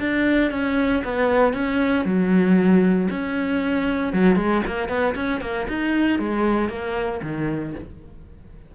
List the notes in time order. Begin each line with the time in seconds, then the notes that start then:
0.00 D4
0.51 C#4
1.05 B3
1.54 C#4
2.05 F#3
3.10 C#4
4.13 F#3
4.36 G#3
4.67 A#3
4.89 B3
5.16 C#4
5.41 A#3
5.69 D#4
6.20 G#3
6.69 A#3
7.23 D#3